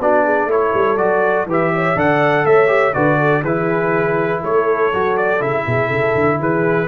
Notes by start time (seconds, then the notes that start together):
0.00 B3 D4 F#4 D5
0.24 G#4
0.47 A3 E4 A4 C#5
0.75 G3
0.98 F#3 F#4 D5
1.47 E3 G4 B4
1.53 E5
1.75 C#5
1.96 D3 A4 D5 F#5
2.45 A3 C#5 E5
2.68 G4
2.94 D3 F#4 B4 D5
3.18 A4
3.42 E3 E4 G#4 B4
4.41 A3 A4 C#5
4.94 F#3 F#4
5.18 D5
5.41 C#3 E4 E5
5.66 B2 G#4
5.87 C#3 A4
6.15 D3
6.40 E3 G#4 B4